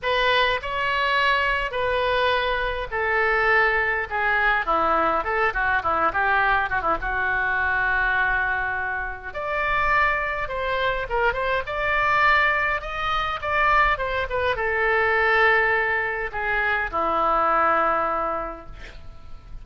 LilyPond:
\new Staff \with { instrumentName = "oboe" } { \time 4/4 \tempo 4 = 103 b'4 cis''2 b'4~ | b'4 a'2 gis'4 | e'4 a'8 fis'8 e'8 g'4 fis'16 e'16 | fis'1 |
d''2 c''4 ais'8 c''8 | d''2 dis''4 d''4 | c''8 b'8 a'2. | gis'4 e'2. | }